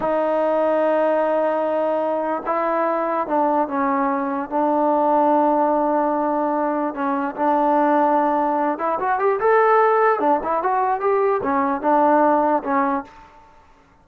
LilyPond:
\new Staff \with { instrumentName = "trombone" } { \time 4/4 \tempo 4 = 147 dis'1~ | dis'2 e'2 | d'4 cis'2 d'4~ | d'1~ |
d'4 cis'4 d'2~ | d'4. e'8 fis'8 g'8 a'4~ | a'4 d'8 e'8 fis'4 g'4 | cis'4 d'2 cis'4 | }